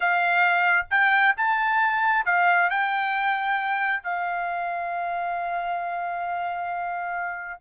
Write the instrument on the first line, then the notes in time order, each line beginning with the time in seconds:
trumpet
0.00 F5
0.90 G5
1.37 A5
2.25 F5
2.70 G5
4.03 F5